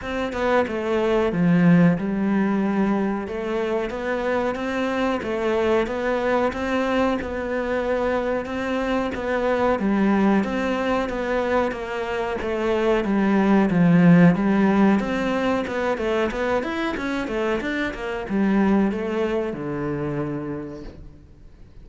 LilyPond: \new Staff \with { instrumentName = "cello" } { \time 4/4 \tempo 4 = 92 c'8 b8 a4 f4 g4~ | g4 a4 b4 c'4 | a4 b4 c'4 b4~ | b4 c'4 b4 g4 |
c'4 b4 ais4 a4 | g4 f4 g4 c'4 | b8 a8 b8 e'8 cis'8 a8 d'8 ais8 | g4 a4 d2 | }